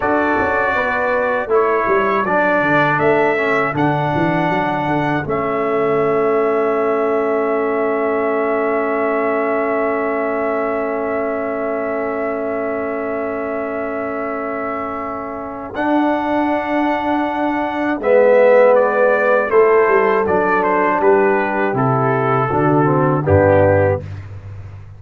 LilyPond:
<<
  \new Staff \with { instrumentName = "trumpet" } { \time 4/4 \tempo 4 = 80 d''2 cis''4 d''4 | e''4 fis''2 e''4~ | e''1~ | e''1~ |
e''1~ | e''4 fis''2. | e''4 d''4 c''4 d''8 c''8 | b'4 a'2 g'4 | }
  \new Staff \with { instrumentName = "horn" } { \time 4/4 a'4 b'4 a'2~ | a'1~ | a'1~ | a'1~ |
a'1~ | a'1 | b'2 a'2 | g'2 fis'4 d'4 | }
  \new Staff \with { instrumentName = "trombone" } { \time 4/4 fis'2 e'4 d'4~ | d'8 cis'8 d'2 cis'4~ | cis'1~ | cis'1~ |
cis'1~ | cis'4 d'2. | b2 e'4 d'4~ | d'4 e'4 d'8 c'8 b4 | }
  \new Staff \with { instrumentName = "tuba" } { \time 4/4 d'8 cis'8 b4 a8 g8 fis8 d8 | a4 d8 e8 fis8 d8 a4~ | a1~ | a1~ |
a1~ | a4 d'2. | gis2 a8 g8 fis4 | g4 c4 d4 g,4 | }
>>